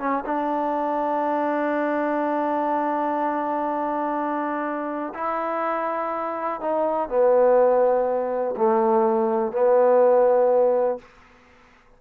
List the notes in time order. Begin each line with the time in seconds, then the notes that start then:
0.00 C#4
0.26 D4
5.15 E4
6.61 D#4
7.09 B3
8.57 A3
9.53 B3